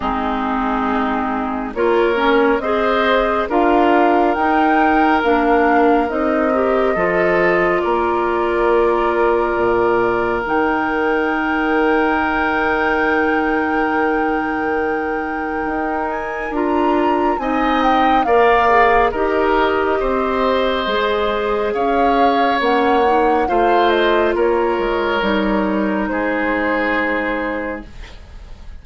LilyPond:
<<
  \new Staff \with { instrumentName = "flute" } { \time 4/4 \tempo 4 = 69 gis'2 cis''4 dis''4 | f''4 g''4 f''4 dis''4~ | dis''4 d''2. | g''1~ |
g''2~ g''8 gis''8 ais''4 | gis''8 g''8 f''4 dis''2~ | dis''4 f''4 fis''4 f''8 dis''8 | cis''2 c''2 | }
  \new Staff \with { instrumentName = "oboe" } { \time 4/4 dis'2 ais'4 c''4 | ais'1 | a'4 ais'2.~ | ais'1~ |
ais'1 | dis''4 d''4 ais'4 c''4~ | c''4 cis''2 c''4 | ais'2 gis'2 | }
  \new Staff \with { instrumentName = "clarinet" } { \time 4/4 c'2 f'8 cis'8 gis'4 | f'4 dis'4 d'4 dis'8 g'8 | f'1 | dis'1~ |
dis'2. f'4 | dis'4 ais'8 gis'8 g'2 | gis'2 cis'8 dis'8 f'4~ | f'4 dis'2. | }
  \new Staff \with { instrumentName = "bassoon" } { \time 4/4 gis2 ais4 c'4 | d'4 dis'4 ais4 c'4 | f4 ais2 ais,4 | dis1~ |
dis2 dis'4 d'4 | c'4 ais4 dis'4 c'4 | gis4 cis'4 ais4 a4 | ais8 gis8 g4 gis2 | }
>>